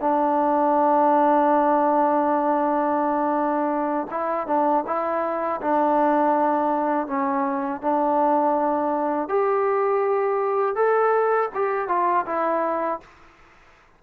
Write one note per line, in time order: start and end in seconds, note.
0.00 4.07 D4
4.11 4.47 E4
4.47 4.84 D4
4.87 5.61 E4
5.61 7.07 D4
7.07 7.81 C#4
7.81 9.29 D4
9.29 10.75 G4
10.75 11.49 A4
11.55 11.88 G4
11.88 12.25 F4
12.26 13.00 E4